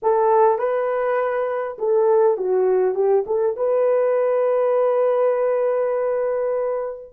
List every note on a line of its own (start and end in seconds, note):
0.02 0.58 A4
0.58 1.77 B4
1.78 2.37 A4
2.37 2.94 F#4
2.94 3.24 G4
3.26 3.56 A4
3.56 7.13 B4